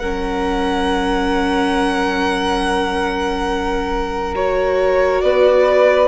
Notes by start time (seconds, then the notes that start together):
0.00 F#3 C#4 A#4 F#5
4.36 F#4 C#5
5.22 B3 B4 D5